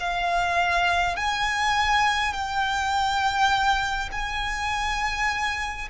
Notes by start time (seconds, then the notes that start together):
0.00 F5
1.17 G#5
2.34 G5
4.12 G#5